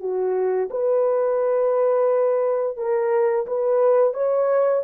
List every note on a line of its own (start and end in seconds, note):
0.00 0.69 F#4
0.70 2.77 B4
2.77 3.46 A#4
3.47 4.14 B4
4.14 4.83 C#5